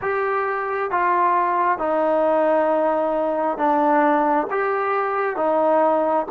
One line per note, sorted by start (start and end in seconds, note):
0.01 0.90 G4
0.90 1.78 F4
1.78 3.57 D#4
3.57 4.47 D4
4.50 5.36 G4
5.36 6.26 D#4